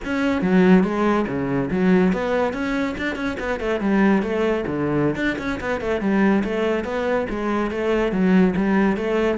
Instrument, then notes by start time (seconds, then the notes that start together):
cello
0.04 C#4
0.41 F#3
0.83 G#3
1.27 C#3
1.71 F#3
2.12 B3
2.53 C#4
2.97 D4
3.15 C#4
3.39 B3
3.60 A3
3.80 G3
4.22 A3
4.66 D3
5.15 D4
5.38 C#4
5.60 B3
5.80 A3
6.00 G3
6.44 A3
6.84 B3
7.29 G#3
7.70 A3
8.12 F#3
8.56 G3
8.97 A3